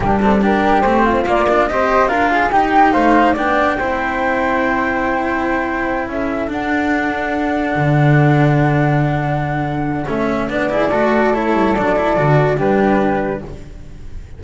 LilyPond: <<
  \new Staff \with { instrumentName = "flute" } { \time 4/4 \tempo 4 = 143 g'8 a'8 ais'4 c''4 d''4 | dis''4 f''4 g''4 f''4 | g''1~ | g''2~ g''8 e''4 fis''8~ |
fis''1~ | fis''1 | e''4 d''2 cis''4 | d''2 b'2 | }
  \new Staff \with { instrumentName = "flute" } { \time 4/4 d'4 g'4. f'4. | c''4 ais'8 gis'8 g'4 c''4 | d''4 c''2.~ | c''2~ c''8 a'4.~ |
a'1~ | a'1~ | a'4. gis'8 a'2~ | a'2 g'2 | }
  \new Staff \with { instrumentName = "cello" } { \time 4/4 ais8 c'8 d'4 c'4 ais8 d'8 | g'4 f'4 dis'2 | d'4 e'2.~ | e'2.~ e'8 d'8~ |
d'1~ | d'1 | cis'4 d'8 e'8 fis'4 e'4 | d'8 e'8 fis'4 d'2 | }
  \new Staff \with { instrumentName = "double bass" } { \time 4/4 g2 a4 ais4 | c'4 d'4 dis'4 a4 | b4 c'2.~ | c'2~ c'8 cis'4 d'8~ |
d'2~ d'8 d4.~ | d1 | a4 b4 a4. g8 | fis4 d4 g2 | }
>>